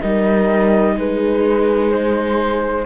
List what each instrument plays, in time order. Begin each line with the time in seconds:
0.00 cello G3, viola D#4, horn A#4, flute D#5
0.96 cello G#3, horn G#4, flute B4
1.90 flute C5